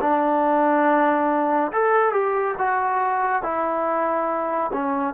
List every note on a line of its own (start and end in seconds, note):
0.00 1.71 D4
1.72 2.12 A4
2.12 2.55 G4
2.58 3.42 F#4
3.42 4.71 E4
4.73 5.14 C#4